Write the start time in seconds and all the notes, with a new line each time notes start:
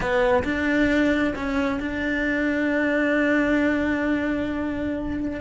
0.00 B3
0.43 D4
1.35 C#4
1.80 D4